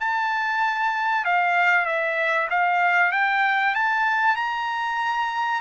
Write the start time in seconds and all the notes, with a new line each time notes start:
0.00 A5
1.25 F5
1.86 E5
2.50 F5
3.12 G5
3.75 A5
4.36 A#5